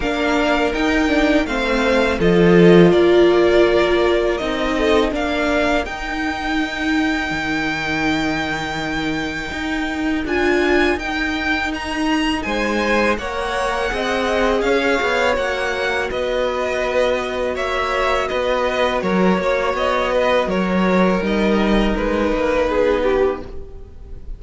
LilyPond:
<<
  \new Staff \with { instrumentName = "violin" } { \time 4/4 \tempo 4 = 82 f''4 g''4 f''4 dis''4 | d''2 dis''4 f''4 | g''1~ | g''2 gis''4 g''4 |
ais''4 gis''4 fis''2 | f''4 fis''4 dis''2 | e''4 dis''4 cis''4 dis''4 | cis''4 dis''4 b'2 | }
  \new Staff \with { instrumentName = "violin" } { \time 4/4 ais'2 c''4 a'4 | ais'2~ ais'8 a'8 ais'4~ | ais'1~ | ais'1~ |
ais'4 c''4 cis''4 dis''4 | cis''2 b'2 | cis''4 b'4 ais'8 cis''4 b'8 | ais'2. gis'8 g'8 | }
  \new Staff \with { instrumentName = "viola" } { \time 4/4 d'4 dis'8 d'8 c'4 f'4~ | f'2 dis'4 d'4 | dis'1~ | dis'2 f'4 dis'4~ |
dis'2 ais'4 gis'4~ | gis'4 fis'2.~ | fis'1~ | fis'4 dis'2. | }
  \new Staff \with { instrumentName = "cello" } { \time 4/4 ais4 dis'4 a4 f4 | ais2 c'4 ais4 | dis'2 dis2~ | dis4 dis'4 d'4 dis'4~ |
dis'4 gis4 ais4 c'4 | cis'8 b8 ais4 b2 | ais4 b4 fis8 ais8 b4 | fis4 g4 gis8 ais8 b4 | }
>>